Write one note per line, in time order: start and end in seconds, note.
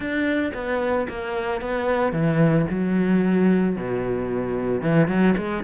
0.00 0.51 D4
0.54 1.07 B3
1.09 1.61 A#3
1.61 2.12 B3
2.12 2.66 E3
2.69 3.76 F#3
3.76 4.81 B2
4.81 5.07 E3
5.07 5.34 F#3
5.37 5.63 G#3